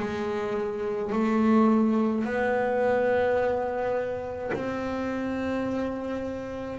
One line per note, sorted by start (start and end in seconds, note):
0.00 1.13 G#3
1.13 2.25 A3
2.25 4.52 B3
4.54 6.79 C4